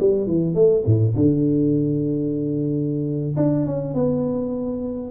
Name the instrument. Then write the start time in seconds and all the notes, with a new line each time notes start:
tuba
0.00 G3
0.26 E3
0.55 A3
0.86 A2
1.15 D3
3.37 D4
3.66 C#4
3.94 B3